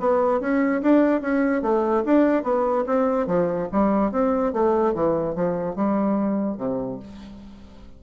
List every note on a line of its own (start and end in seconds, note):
0.00 0.40 B3
0.40 0.82 C#4
0.82 1.21 D4
1.21 1.62 C#4
1.62 2.04 A3
2.05 2.43 D4
2.43 2.85 B3
2.86 3.27 C4
3.27 3.68 F3
3.72 4.12 G3
4.12 4.53 C4
4.53 4.94 A3
4.94 5.35 E3
5.35 5.76 F3
5.76 6.58 G3
6.58 6.99 C3